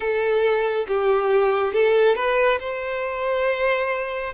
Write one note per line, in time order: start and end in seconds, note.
0.00 0.86 A4
0.87 1.73 G4
1.73 2.15 A4
2.15 2.58 B4
2.59 4.33 C5